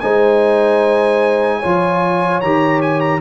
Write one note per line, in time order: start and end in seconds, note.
0.00 1.63 G#3
0.00 1.62 D#4
0.00 1.60 C5
0.00 2.40 G#5
1.60 2.41 F3
1.60 2.43 F4
1.60 3.20 C#5
2.41 3.21 D#3
2.41 3.21 G4
2.41 2.81 A#5
2.81 3.00 G#5
3.00 3.20 A#5